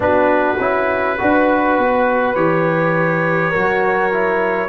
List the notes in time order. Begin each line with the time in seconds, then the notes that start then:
0.00 B3 D4 F#4 B4
0.59 C#4 E4
1.17 D4 F#4 B4
1.78 B3
2.35 E3 G4 C#5
3.50 F#3 F#4 A#4
4.12 E4